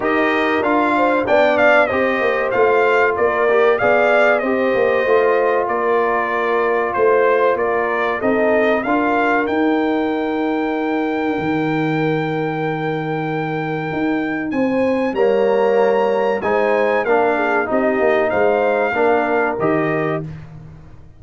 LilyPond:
<<
  \new Staff \with { instrumentName = "trumpet" } { \time 4/4 \tempo 4 = 95 dis''4 f''4 g''8 f''8 dis''4 | f''4 d''4 f''4 dis''4~ | dis''4 d''2 c''4 | d''4 dis''4 f''4 g''4~ |
g''1~ | g''2. gis''4 | ais''2 gis''4 f''4 | dis''4 f''2 dis''4 | }
  \new Staff \with { instrumentName = "horn" } { \time 4/4 ais'4. c''8 d''4 c''4~ | c''4 ais'4 d''4 c''4~ | c''4 ais'2 c''4 | ais'4 a'4 ais'2~ |
ais'1~ | ais'2. c''4 | cis''2 c''4 ais'8 gis'8 | g'4 c''4 ais'2 | }
  \new Staff \with { instrumentName = "trombone" } { \time 4/4 g'4 f'4 d'4 g'4 | f'4. g'8 gis'4 g'4 | f'1~ | f'4 dis'4 f'4 dis'4~ |
dis'1~ | dis'1 | ais2 dis'4 d'4 | dis'2 d'4 g'4 | }
  \new Staff \with { instrumentName = "tuba" } { \time 4/4 dis'4 d'4 b4 c'8 ais8 | a4 ais4 b4 c'8 ais8 | a4 ais2 a4 | ais4 c'4 d'4 dis'4~ |
dis'2 dis2~ | dis2 dis'4 c'4 | g2 gis4 ais4 | c'8 ais8 gis4 ais4 dis4 | }
>>